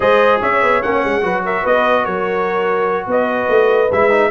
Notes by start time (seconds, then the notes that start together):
0.00 G#3 G#4 C5 D#5
0.40 C#4 C#5 E5
0.62 B3
0.82 A#3 C#4 F#5
1.04 G#3
1.21 F#3 F#4 B4
1.45 A#4 E5
1.62 B3 B4 D#5
2.04 F#3 A#4 C#5
3.07 B3 B4 D#5
3.48 A3
3.91 G#3 E4 E5
4.10 D#4